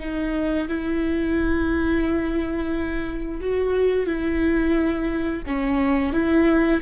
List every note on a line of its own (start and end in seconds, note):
0.00 0.68 D#4
0.68 3.41 E4
3.41 4.07 F#4
4.07 5.43 E4
5.47 6.13 C#4
6.13 6.81 E4